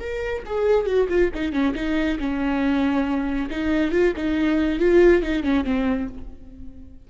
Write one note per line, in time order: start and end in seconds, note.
0.00 0.43 A#4
0.46 0.86 G#4
0.86 1.08 F#4
1.09 1.31 F4
1.34 1.52 D#4
1.52 1.74 C#4
1.75 2.18 D#4
2.19 3.50 C#4
3.51 3.92 D#4
3.92 4.13 F4
4.16 4.79 D#4
4.79 5.23 F4
5.23 5.43 D#4
5.43 5.64 C#4
5.64 6.08 C4